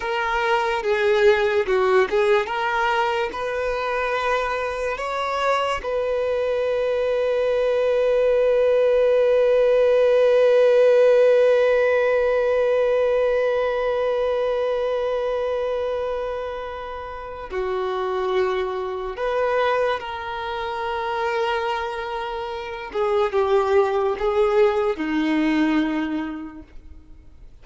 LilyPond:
\new Staff \with { instrumentName = "violin" } { \time 4/4 \tempo 4 = 72 ais'4 gis'4 fis'8 gis'8 ais'4 | b'2 cis''4 b'4~ | b'1~ | b'1~ |
b'1~ | b'4 fis'2 b'4 | ais'2.~ ais'8 gis'8 | g'4 gis'4 dis'2 | }